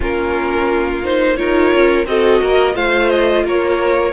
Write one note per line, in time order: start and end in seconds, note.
0.00 1.38 A#3
0.00 1.03 C#4
0.00 1.37 F4
0.00 1.04 A#4
1.04 1.36 D#4
1.04 1.36 C5
1.36 1.73 D#4
1.36 2.05 F4
1.36 2.07 A#4
1.36 2.05 C#5
1.74 2.06 C#4
2.06 2.41 C4
2.06 2.74 F#4
2.06 2.42 A4
2.06 2.75 D#5
2.42 2.75 A#3
2.42 2.75 A#4
2.74 3.44 A3
2.74 4.12 F4
2.74 3.44 C5
2.74 3.09 F5
3.09 3.44 D#5
3.44 4.13 A#3
3.44 4.13 A#4
3.44 4.13 C#5